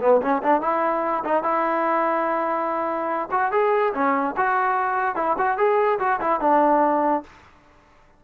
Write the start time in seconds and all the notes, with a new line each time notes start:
0.00 B3
0.21 C#4
0.42 D4
0.61 E4
1.24 D#4
1.43 E4
3.31 F#4
3.51 G#4
3.94 C#4
4.36 F#4
5.15 E4
5.38 F#4
5.57 G#4
5.99 F#4
6.20 E4
6.40 D4